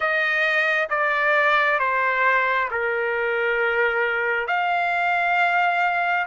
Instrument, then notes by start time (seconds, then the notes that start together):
trumpet
0.00 D#5
0.90 D5
1.79 C5
2.71 A#4
4.47 F5